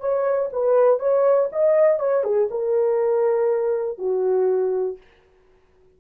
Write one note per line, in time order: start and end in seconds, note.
0.00 0.50 C#5
0.53 0.99 B4
0.99 1.49 C#5
1.52 1.99 D#5
1.99 2.24 C#5
2.24 2.48 G#4
2.50 3.98 A#4
3.98 4.97 F#4